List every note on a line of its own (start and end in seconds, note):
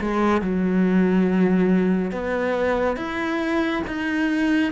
0.00 0.42 G#3
0.42 2.12 F#3
2.12 2.97 B3
2.97 3.83 E4
3.87 4.72 D#4